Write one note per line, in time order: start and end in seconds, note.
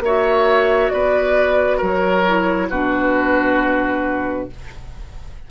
0.00 0.90 A#3
0.00 2.27 F#4
0.00 0.93 C#5
0.00 0.90 E5
0.90 1.82 B3
0.90 1.78 B4
0.90 1.79 D5
1.78 2.69 F#3
1.78 2.67 A#4
1.78 2.70 C#5
2.27 2.71 E4
2.69 4.49 B2
2.69 4.51 D4
2.69 4.49 F#4
2.69 4.49 B4